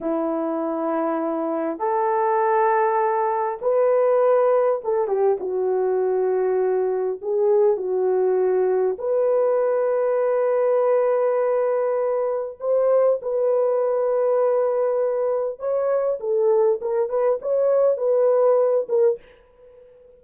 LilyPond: \new Staff \with { instrumentName = "horn" } { \time 4/4 \tempo 4 = 100 e'2. a'4~ | a'2 b'2 | a'8 g'8 fis'2. | gis'4 fis'2 b'4~ |
b'1~ | b'4 c''4 b'2~ | b'2 cis''4 a'4 | ais'8 b'8 cis''4 b'4. ais'8 | }